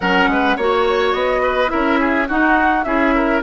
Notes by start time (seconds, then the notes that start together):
0.00 F#3 C#4 A#4 F#5
0.27 G#3 B4
0.56 A#3 F#4 C#5
1.13 B3 D#5
1.42 B4
1.67 E4 A#4 E5
1.74 C#4
1.99 G#4
2.27 D#4 F#4 F#5
2.83 C#4 E4 G#4 E5
3.14 A#4